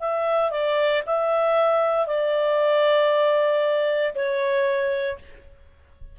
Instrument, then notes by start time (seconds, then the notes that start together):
clarinet
0.00 E5
0.51 D5
1.07 E5
2.07 D5
4.15 C#5